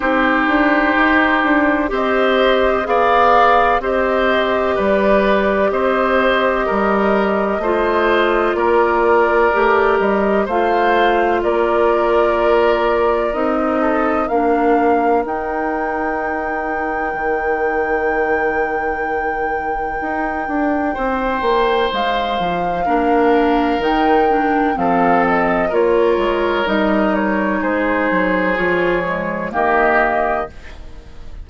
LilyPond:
<<
  \new Staff \with { instrumentName = "flute" } { \time 4/4 \tempo 4 = 63 c''2 dis''4 f''4 | dis''4 d''4 dis''2~ | dis''4 d''4. dis''8 f''4 | d''2 dis''4 f''4 |
g''1~ | g''2. f''4~ | f''4 g''4 f''8 dis''8 cis''4 | dis''8 cis''8 c''4 cis''4 dis''4 | }
  \new Staff \with { instrumentName = "oboe" } { \time 4/4 g'2 c''4 d''4 | c''4 b'4 c''4 ais'4 | c''4 ais'2 c''4 | ais'2~ ais'8 a'8 ais'4~ |
ais'1~ | ais'2 c''2 | ais'2 a'4 ais'4~ | ais'4 gis'2 g'4 | }
  \new Staff \with { instrumentName = "clarinet" } { \time 4/4 dis'2 g'4 gis'4 | g'1 | f'2 g'4 f'4~ | f'2 dis'4 d'4 |
dis'1~ | dis'1 | d'4 dis'8 d'8 c'4 f'4 | dis'2 f'8 gis8 ais4 | }
  \new Staff \with { instrumentName = "bassoon" } { \time 4/4 c'8 d'8 dis'8 d'8 c'4 b4 | c'4 g4 c'4 g4 | a4 ais4 a8 g8 a4 | ais2 c'4 ais4 |
dis'2 dis2~ | dis4 dis'8 d'8 c'8 ais8 gis8 f8 | ais4 dis4 f4 ais8 gis8 | g4 gis8 fis8 f4 dis4 | }
>>